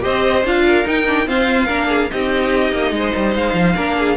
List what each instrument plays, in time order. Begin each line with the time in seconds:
0.00 cello C4, viola G4, violin C5 D#5
0.44 cello D4, viola F4, violin F5
0.66 violin A#4
0.84 viola D#4, cello D#4, violin G5
1.06 viola D4
1.26 viola C4, cello F4, violin C5 F5
1.66 cello A#3, viola D4, violin A#4
1.88 violin G#4
2.10 cello C4, viola D#4, violin G4 D#5
2.72 cello A#3
2.91 cello G#3, violin C5
3.16 cello G3
3.34 cello G#3, violin F5
3.54 cello F3
3.75 cello A#3, viola D4, violin A#4
3.98 violin G#4